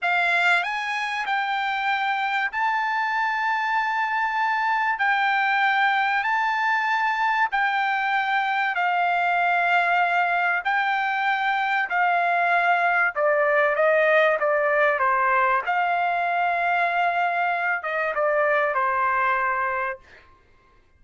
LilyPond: \new Staff \with { instrumentName = "trumpet" } { \time 4/4 \tempo 4 = 96 f''4 gis''4 g''2 | a''1 | g''2 a''2 | g''2 f''2~ |
f''4 g''2 f''4~ | f''4 d''4 dis''4 d''4 | c''4 f''2.~ | f''8 dis''8 d''4 c''2 | }